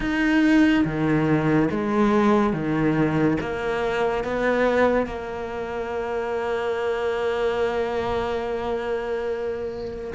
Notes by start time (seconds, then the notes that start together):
0.00 D#4
0.85 D#3
1.71 G#3
2.53 D#3
3.40 A#3
4.24 B3
5.06 A#3